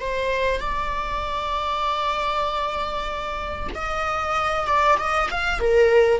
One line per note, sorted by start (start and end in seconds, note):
0.00 0.60 C5
0.60 3.69 D5
3.74 4.67 D#5
4.67 4.98 D5
4.98 5.29 D#5
5.31 5.60 F5
5.60 6.20 A#4